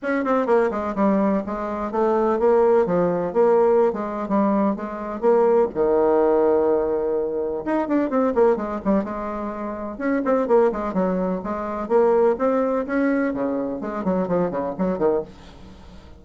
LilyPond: \new Staff \with { instrumentName = "bassoon" } { \time 4/4 \tempo 4 = 126 cis'8 c'8 ais8 gis8 g4 gis4 | a4 ais4 f4 ais4~ | ais16 gis8. g4 gis4 ais4 | dis1 |
dis'8 d'8 c'8 ais8 gis8 g8 gis4~ | gis4 cis'8 c'8 ais8 gis8 fis4 | gis4 ais4 c'4 cis'4 | cis4 gis8 fis8 f8 cis8 fis8 dis8 | }